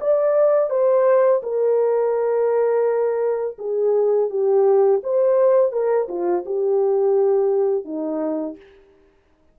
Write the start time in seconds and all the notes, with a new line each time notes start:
0.00 D5
0.69 C5
1.43 A#4
3.58 G#4
4.30 G4
5.03 C5
5.71 A#4
6.08 F4
6.45 G4
7.84 D#4